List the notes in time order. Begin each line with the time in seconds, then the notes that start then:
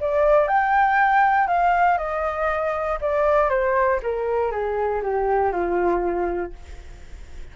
0.00 D5
0.48 G5
1.47 F5
1.98 D#5
3.01 D5
3.49 C5
4.03 A#4
4.51 G#4
5.02 G4
5.52 F4